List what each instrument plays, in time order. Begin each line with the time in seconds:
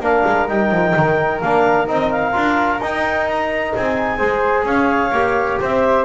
0.00 double bass A#3, trombone D4, flute A#4, clarinet F5
0.25 double bass G#3
0.48 double bass G3, trombone D#4, clarinet G5
0.71 double bass F3
0.96 double bass D#3
1.40 double bass A#3, trombone D4, clarinet F5
1.87 double bass C4, trombone D#4, clarinet D#5
2.11 clarinet F5
2.32 double bass D4, trombone F4
2.80 double bass D#4, trombone D#4, clarinet G5
3.28 clarinet A#5
3.75 double bass C4, flute G#4, clarinet G#5
4.17 double bass G#3, trombone G#4, flute C5
4.64 double bass C#4, flute C#5, clarinet F5
5.11 double bass A#3, trombone G4
5.60 double bass C4, flute C5, clarinet E5